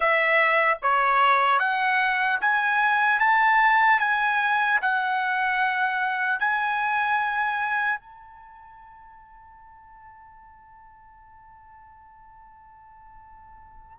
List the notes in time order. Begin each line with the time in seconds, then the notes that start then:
0.00 E5
0.82 C#5
1.59 F#5
2.40 G#5
3.19 A5
3.99 G#5
4.81 F#5
6.39 G#5
7.99 A5